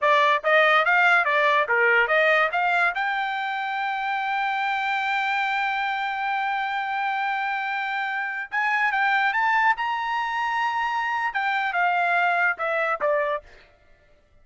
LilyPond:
\new Staff \with { instrumentName = "trumpet" } { \time 4/4 \tempo 4 = 143 d''4 dis''4 f''4 d''4 | ais'4 dis''4 f''4 g''4~ | g''1~ | g''1~ |
g''1~ | g''16 gis''4 g''4 a''4 ais''8.~ | ais''2. g''4 | f''2 e''4 d''4 | }